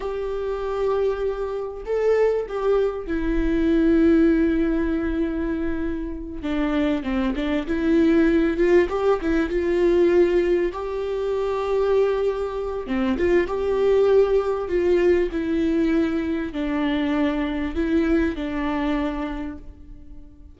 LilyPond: \new Staff \with { instrumentName = "viola" } { \time 4/4 \tempo 4 = 98 g'2. a'4 | g'4 e'2.~ | e'2~ e'8 d'4 c'8 | d'8 e'4. f'8 g'8 e'8 f'8~ |
f'4. g'2~ g'8~ | g'4 c'8 f'8 g'2 | f'4 e'2 d'4~ | d'4 e'4 d'2 | }